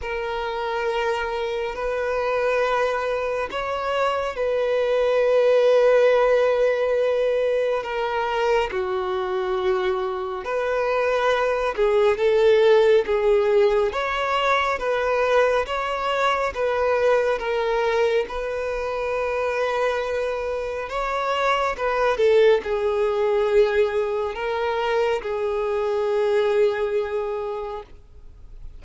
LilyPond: \new Staff \with { instrumentName = "violin" } { \time 4/4 \tempo 4 = 69 ais'2 b'2 | cis''4 b'2.~ | b'4 ais'4 fis'2 | b'4. gis'8 a'4 gis'4 |
cis''4 b'4 cis''4 b'4 | ais'4 b'2. | cis''4 b'8 a'8 gis'2 | ais'4 gis'2. | }